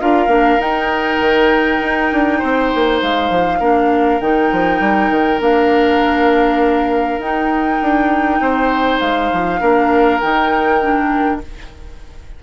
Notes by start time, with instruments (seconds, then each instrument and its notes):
0.00 bassoon D4, clarinet F4, oboe A#4, flute F5
0.27 bassoon A#3, clarinet D4
0.59 bassoon D#4, clarinet D#4, flute G5
1.20 bassoon D#3
1.81 bassoon D#4
2.12 bassoon D4
2.38 bassoon C4, oboe C5
2.75 bassoon A#3
3.01 bassoon G#3, flute F5
3.30 bassoon F3
3.59 bassoon A#3, clarinet D4, oboe A#4
4.20 bassoon D#3, clarinet D#4, flute G5
4.52 bassoon F3
4.80 bassoon G3
5.10 bassoon D#3
5.40 bassoon A#3, clarinet D4, flute F5
7.18 bassoon D#4, clarinet D#4, flute G5
7.82 bassoon D4
8.40 bassoon C4, oboe C5
9.00 bassoon G#3, flute F5
9.32 bassoon F3
9.60 bassoon A#3, clarinet D4, oboe A#4
10.20 bassoon D#3, clarinet D#4, flute G5
10.81 clarinet D4